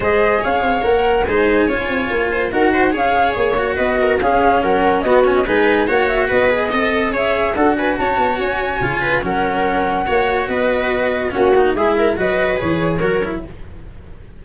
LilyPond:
<<
  \new Staff \with { instrumentName = "flute" } { \time 4/4 \tempo 4 = 143 dis''4 f''4 fis''4 gis''4~ | gis''2 fis''4 f''4 | cis''4 dis''4 f''4 fis''4 | dis''8 gis''16 dis''16 gis''4 fis''8 e''8 dis''4~ |
dis''4 e''4 fis''8 gis''8 a''4 | gis''2 fis''2~ | fis''4 dis''2 fis''4 | e''4 dis''4 cis''2 | }
  \new Staff \with { instrumentName = "viola" } { \time 4/4 c''4 cis''2 c''4 | cis''4. c''8 ais'8 c''8 cis''4~ | cis''4 b'8 ais'8 gis'4 ais'4 | fis'4 b'4 cis''4 b'4 |
dis''4 cis''4 a'8 b'8 cis''4~ | cis''4. b'8 ais'2 | cis''4 b'2 fis'4 | gis'8 ais'8 b'2 ais'4 | }
  \new Staff \with { instrumentName = "cello" } { \time 4/4 gis'2 ais'4 dis'4 | f'2 fis'4 gis'4~ | gis'8 fis'4. cis'2 | b8 cis'8 dis'4 fis'4. gis'8 |
a'4 gis'4 fis'2~ | fis'4 f'4 cis'2 | fis'2. cis'8 dis'8 | e'4 fis'4 gis'4 fis'8 e'8 | }
  \new Staff \with { instrumentName = "tuba" } { \time 4/4 gis4 cis'8 c'8 ais4 gis4 | cis'8 c'8 ais4 dis'4 cis'4 | ais4 b4 cis'4 fis4 | b4 gis4 ais4 b4 |
c'4 cis'4 d'4 cis'8 b8 | cis'4 cis4 fis2 | ais4 b2 ais4 | gis4 fis4 e4 fis4 | }
>>